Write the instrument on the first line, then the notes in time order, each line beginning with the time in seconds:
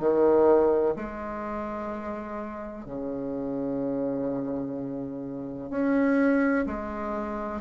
bassoon
0.00 D#3
0.96 G#3
2.86 C#3
5.71 C#4
6.67 G#3